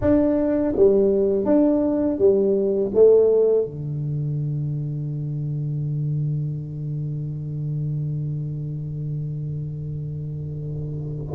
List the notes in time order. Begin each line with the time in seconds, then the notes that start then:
0.01 D4
0.76 G3
1.45 D4
2.18 G3
2.94 A3
3.65 D3